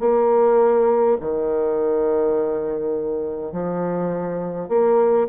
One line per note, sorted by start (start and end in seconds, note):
0.00 1.18 A#3
1.21 3.52 D#3
3.52 4.68 F3
4.68 5.27 A#3